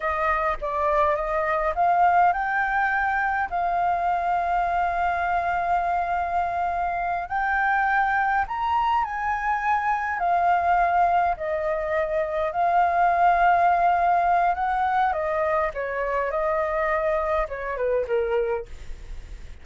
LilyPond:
\new Staff \with { instrumentName = "flute" } { \time 4/4 \tempo 4 = 103 dis''4 d''4 dis''4 f''4 | g''2 f''2~ | f''1~ | f''8 g''2 ais''4 gis''8~ |
gis''4. f''2 dis''8~ | dis''4. f''2~ f''8~ | f''4 fis''4 dis''4 cis''4 | dis''2 cis''8 b'8 ais'4 | }